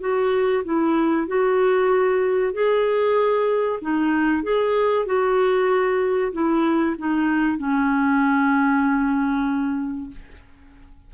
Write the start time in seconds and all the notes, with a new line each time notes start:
0.00 F#4
0.64 E4
1.27 F#4
2.53 G#4
3.81 D#4
4.43 G#4
5.06 F#4
6.32 E4
6.98 D#4
7.58 C#4